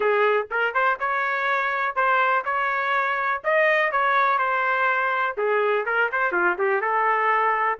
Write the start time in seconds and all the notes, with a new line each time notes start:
0.00 G#4
0.50 A#4
0.74 C5
0.99 C#5
1.95 C5
2.44 C#5
3.43 D#5
3.91 C#5
4.38 C5
5.37 G#4
5.85 A#4
6.12 C5
6.32 F4
6.58 G4
6.81 A4